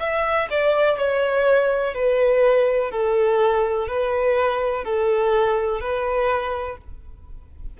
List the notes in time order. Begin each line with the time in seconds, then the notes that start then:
0.00 E5
0.51 D5
0.98 C#5
1.94 B4
2.91 A4
3.88 B4
4.84 A4
5.81 B4